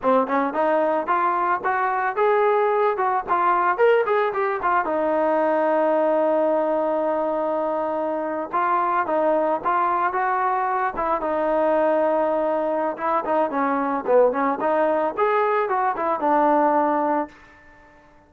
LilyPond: \new Staff \with { instrumentName = "trombone" } { \time 4/4 \tempo 4 = 111 c'8 cis'8 dis'4 f'4 fis'4 | gis'4. fis'8 f'4 ais'8 gis'8 | g'8 f'8 dis'2.~ | dis'2.~ dis'8. f'16~ |
f'8. dis'4 f'4 fis'4~ fis'16~ | fis'16 e'8 dis'2.~ dis'16 | e'8 dis'8 cis'4 b8 cis'8 dis'4 | gis'4 fis'8 e'8 d'2 | }